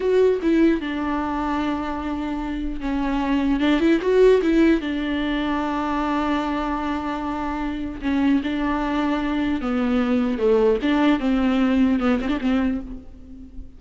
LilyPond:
\new Staff \with { instrumentName = "viola" } { \time 4/4 \tempo 4 = 150 fis'4 e'4 d'2~ | d'2. cis'4~ | cis'4 d'8 e'8 fis'4 e'4 | d'1~ |
d'1 | cis'4 d'2. | b2 a4 d'4 | c'2 b8 c'16 d'16 c'4 | }